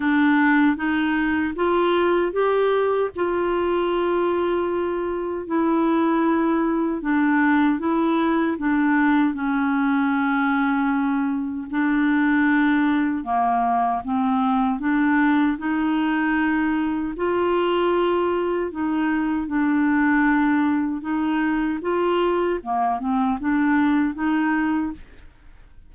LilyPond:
\new Staff \with { instrumentName = "clarinet" } { \time 4/4 \tempo 4 = 77 d'4 dis'4 f'4 g'4 | f'2. e'4~ | e'4 d'4 e'4 d'4 | cis'2. d'4~ |
d'4 ais4 c'4 d'4 | dis'2 f'2 | dis'4 d'2 dis'4 | f'4 ais8 c'8 d'4 dis'4 | }